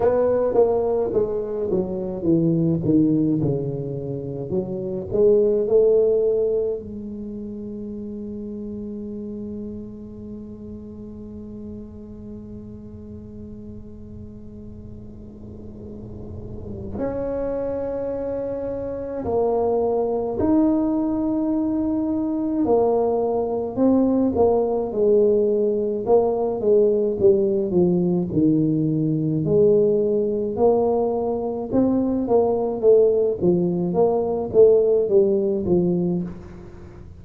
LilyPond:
\new Staff \with { instrumentName = "tuba" } { \time 4/4 \tempo 4 = 53 b8 ais8 gis8 fis8 e8 dis8 cis4 | fis8 gis8 a4 gis2~ | gis1~ | gis2. cis'4~ |
cis'4 ais4 dis'2 | ais4 c'8 ais8 gis4 ais8 gis8 | g8 f8 dis4 gis4 ais4 | c'8 ais8 a8 f8 ais8 a8 g8 f8 | }